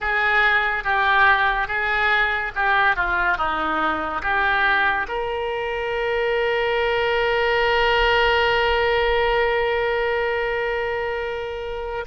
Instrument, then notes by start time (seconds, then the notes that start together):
oboe
0.00 G#4
0.84 G4
1.67 G#4
2.55 G4
2.96 F4
3.37 D#4
4.22 G4
5.08 A#4